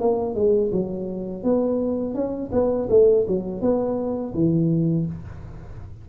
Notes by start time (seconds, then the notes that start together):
0.00 A#3
0.35 G#3
0.72 F#3
1.44 B3
2.15 C#4
2.53 B3
2.90 A3
3.28 F#3
3.61 B3
4.34 E3